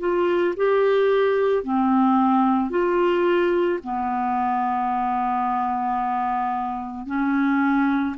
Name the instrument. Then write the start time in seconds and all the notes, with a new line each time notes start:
clarinet
0.00 F4
0.57 G4
1.64 C4
2.70 F4
3.84 B3
7.07 C#4